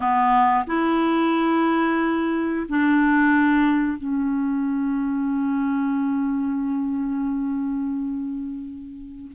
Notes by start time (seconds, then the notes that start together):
0.00 B3
0.66 E4
2.68 D4
3.97 C#4